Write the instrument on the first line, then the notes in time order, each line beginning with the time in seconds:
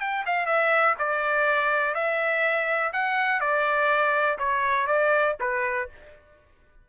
trumpet
0.00 G5
0.26 F5
0.46 E5
0.99 D5
1.94 E5
2.93 F#5
3.40 D5
4.38 C#5
4.87 D5
5.40 B4